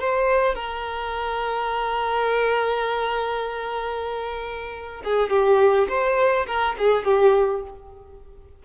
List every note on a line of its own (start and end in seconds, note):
0.00 0.55 C5
0.55 5.02 A#4
5.04 5.30 G#4
5.30 5.87 G4
5.88 6.46 C5
6.47 6.76 A#4
6.78 7.05 G#4
7.05 7.62 G4